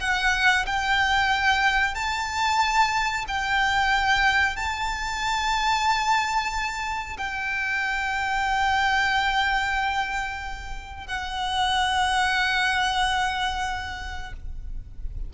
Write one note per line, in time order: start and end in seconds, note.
0.00 0.65 F#5
0.66 1.94 G5
1.94 3.25 A5
3.28 4.56 G5
4.56 7.17 A5
7.17 11.07 G5
11.07 14.33 F#5